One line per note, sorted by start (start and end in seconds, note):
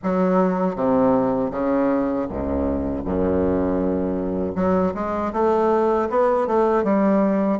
0.03 0.75 F#3
0.75 1.51 C3
1.51 2.26 C#3
2.29 3.04 C#2
3.04 4.55 F#2
4.55 4.93 F#3
4.94 5.32 G#3
5.33 6.09 A3
6.09 6.47 B3
6.47 6.83 A3
6.83 7.59 G3